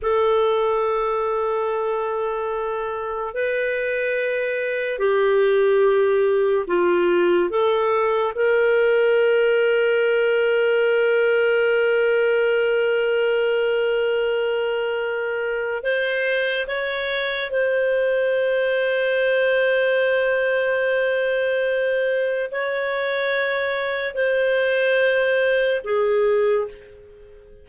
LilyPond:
\new Staff \with { instrumentName = "clarinet" } { \time 4/4 \tempo 4 = 72 a'1 | b'2 g'2 | f'4 a'4 ais'2~ | ais'1~ |
ais'2. c''4 | cis''4 c''2.~ | c''2. cis''4~ | cis''4 c''2 gis'4 | }